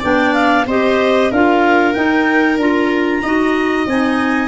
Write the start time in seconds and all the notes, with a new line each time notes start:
0.00 B3 D4 D5 G5
0.34 F5
0.66 C4 G4 C5 D#5
1.31 D4 F4 A#4 F5
1.94 D#4 G5
2.58 D4 F4 A#5
3.23 D#4 F#4 D#5
3.87 C4 D#4 G#5